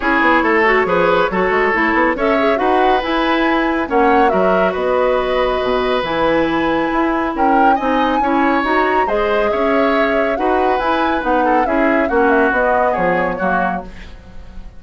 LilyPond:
<<
  \new Staff \with { instrumentName = "flute" } { \time 4/4 \tempo 4 = 139 cis''1~ | cis''4 e''4 fis''4 gis''4~ | gis''4 fis''4 e''4 dis''4~ | dis''2 gis''2~ |
gis''4 g''4 gis''2 | ais''4 dis''4 e''2 | fis''4 gis''4 fis''4 e''4 | fis''8 e''8 dis''4 cis''2 | }
  \new Staff \with { instrumentName = "oboe" } { \time 4/4 gis'4 a'4 b'4 a'4~ | a'4 cis''4 b'2~ | b'4 cis''4 ais'4 b'4~ | b'1~ |
b'4 ais'4 dis''4 cis''4~ | cis''4 c''4 cis''2 | b'2~ b'8 a'8 gis'4 | fis'2 gis'4 fis'4 | }
  \new Staff \with { instrumentName = "clarinet" } { \time 4/4 e'4. fis'8 gis'4 fis'4 | e'4 a'8 gis'8 fis'4 e'4~ | e'4 cis'4 fis'2~ | fis'2 e'2~ |
e'2 dis'4 e'4 | fis'4 gis'2. | fis'4 e'4 dis'4 e'4 | cis'4 b2 ais4 | }
  \new Staff \with { instrumentName = "bassoon" } { \time 4/4 cis'8 b8 a4 f4 fis8 gis8 | a8 b8 cis'4 dis'4 e'4~ | e'4 ais4 fis4 b4~ | b4 b,4 e2 |
e'4 cis'4 c'4 cis'4 | dis'4 gis4 cis'2 | dis'4 e'4 b4 cis'4 | ais4 b4 f4 fis4 | }
>>